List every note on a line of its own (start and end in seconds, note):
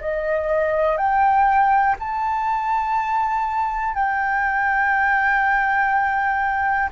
0.00 0.97 D#5
0.97 1.95 G5
1.99 3.94 A5
3.94 6.89 G5